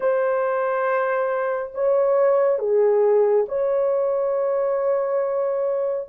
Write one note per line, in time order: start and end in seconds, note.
0.00 1.72 C5
1.74 2.58 C#5
2.58 3.45 G#4
3.48 6.08 C#5